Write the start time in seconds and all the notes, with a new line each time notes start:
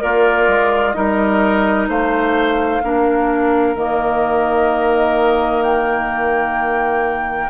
0.00 A#3 F4 A#4 D5
0.48 G#3
0.93 G3 D#4 A#4 D#5
1.89 A3 C5 F5
2.84 A#3 D4 A#4
3.76 D#3 A#3 D#5
5.63 G5